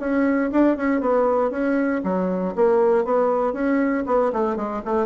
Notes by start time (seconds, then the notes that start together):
0.00 C#4
0.52 D4
0.77 C#4
1.01 B3
1.51 C#4
2.04 F#3
2.56 A#3
3.05 B3
3.53 C#4
4.07 B3
4.33 A3
4.56 G#3
4.85 A3